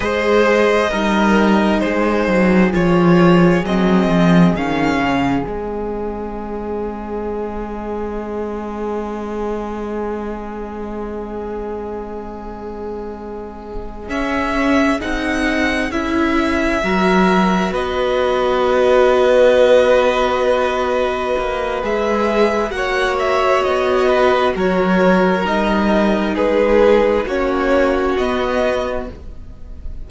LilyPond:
<<
  \new Staff \with { instrumentName = "violin" } { \time 4/4 \tempo 4 = 66 dis''2 c''4 cis''4 | dis''4 f''4 dis''2~ | dis''1~ | dis''2.~ dis''8 e''8~ |
e''8 fis''4 e''2 dis''8~ | dis''1 | e''4 fis''8 e''8 dis''4 cis''4 | dis''4 b'4 cis''4 dis''4 | }
  \new Staff \with { instrumentName = "violin" } { \time 4/4 c''4 ais'4 gis'2~ | gis'1~ | gis'1~ | gis'1~ |
gis'2~ gis'8 ais'4 b'8~ | b'1~ | b'4 cis''4. b'8 ais'4~ | ais'4 gis'4 fis'2 | }
  \new Staff \with { instrumentName = "viola" } { \time 4/4 gis'4 dis'2 f'4 | c'4 cis'4 c'2~ | c'1~ | c'2.~ c'8 cis'8~ |
cis'8 dis'4 e'4 fis'4.~ | fis'1 | gis'4 fis'2. | dis'2 cis'4 b4 | }
  \new Staff \with { instrumentName = "cello" } { \time 4/4 gis4 g4 gis8 fis8 f4 | fis8 f8 dis8 cis8 gis2~ | gis1~ | gis2.~ gis8 cis'8~ |
cis'8 c'4 cis'4 fis4 b8~ | b2.~ b8 ais8 | gis4 ais4 b4 fis4 | g4 gis4 ais4 b4 | }
>>